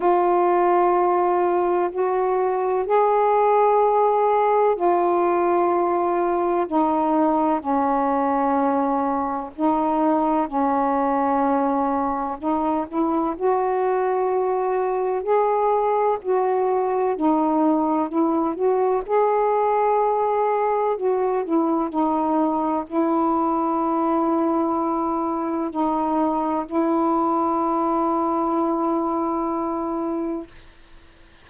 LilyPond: \new Staff \with { instrumentName = "saxophone" } { \time 4/4 \tempo 4 = 63 f'2 fis'4 gis'4~ | gis'4 f'2 dis'4 | cis'2 dis'4 cis'4~ | cis'4 dis'8 e'8 fis'2 |
gis'4 fis'4 dis'4 e'8 fis'8 | gis'2 fis'8 e'8 dis'4 | e'2. dis'4 | e'1 | }